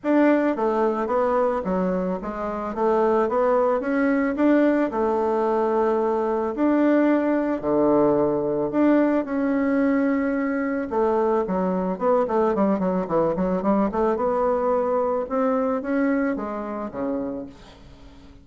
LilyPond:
\new Staff \with { instrumentName = "bassoon" } { \time 4/4 \tempo 4 = 110 d'4 a4 b4 fis4 | gis4 a4 b4 cis'4 | d'4 a2. | d'2 d2 |
d'4 cis'2. | a4 fis4 b8 a8 g8 fis8 | e8 fis8 g8 a8 b2 | c'4 cis'4 gis4 cis4 | }